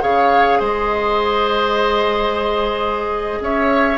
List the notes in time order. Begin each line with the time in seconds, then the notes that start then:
0.00 C#3 G#4 C#5 F5
0.59 G#3 C5 D#5
3.40 C#4 C#5 E5